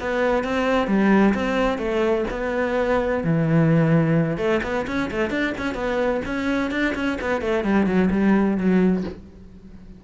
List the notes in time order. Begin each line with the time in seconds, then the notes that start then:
0.00 B3
0.44 C4
0.87 G3
1.34 C4
1.78 A3
2.30 B3
3.24 E3
4.37 A3
4.63 B3
4.87 C#4
5.11 A3
5.30 D4
5.58 C#4
5.74 B3
6.25 C#4
6.71 D4
6.95 C#4
7.21 B3
7.41 A3
7.64 G3
7.86 F#3
8.11 G3
8.57 F#3